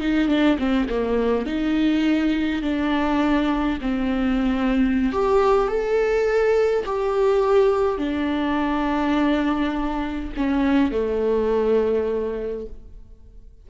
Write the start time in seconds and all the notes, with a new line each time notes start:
0.00 D#4
0.28 D4
0.58 C4
0.89 A#3
1.45 D#4
2.62 D4
3.81 C4
5.12 G4
5.68 A4
6.85 G4
7.98 D4
10.36 C#4
10.91 A3